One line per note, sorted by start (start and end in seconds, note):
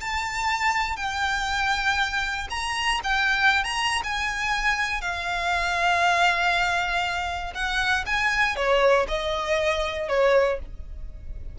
0.00 0.96 A5
0.96 2.47 G5
2.50 3.00 A#5
3.03 3.64 G5
3.64 4.02 A#5
4.03 5.01 G#5
5.01 7.53 F5
7.54 8.04 F#5
8.05 8.56 G#5
8.56 9.06 C#5
9.08 10.08 D#5
10.08 10.59 C#5